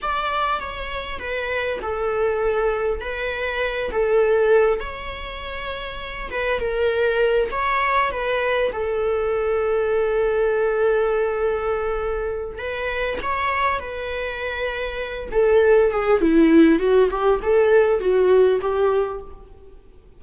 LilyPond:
\new Staff \with { instrumentName = "viola" } { \time 4/4 \tempo 4 = 100 d''4 cis''4 b'4 a'4~ | a'4 b'4. a'4. | cis''2~ cis''8 b'8 ais'4~ | ais'8 cis''4 b'4 a'4.~ |
a'1~ | a'4 b'4 cis''4 b'4~ | b'4. a'4 gis'8 e'4 | fis'8 g'8 a'4 fis'4 g'4 | }